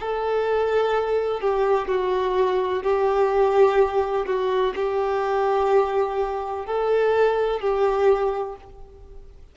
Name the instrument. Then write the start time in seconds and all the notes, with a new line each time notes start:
violin
0.00 A4
1.41 G4
1.88 F#4
2.83 G4
4.26 F#4
4.75 G4
6.66 A4
7.61 G4